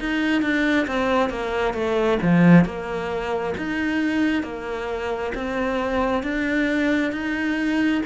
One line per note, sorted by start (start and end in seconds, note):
0.00 0.42 D#4
0.42 0.87 D4
0.87 1.30 C4
1.30 1.74 A#3
1.74 2.19 A3
2.22 2.65 F3
2.65 3.55 A#3
3.58 4.43 D#4
4.43 5.33 A#3
5.34 6.23 C4
6.23 7.12 D4
7.12 8.02 D#4